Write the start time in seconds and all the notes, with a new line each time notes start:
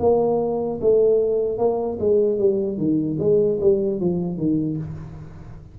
0.00 A#3
0.81 A3
1.59 A#3
2.00 G#3
2.39 G3
2.78 D#3
3.20 G#3
3.61 G3
4.00 F3
4.38 D#3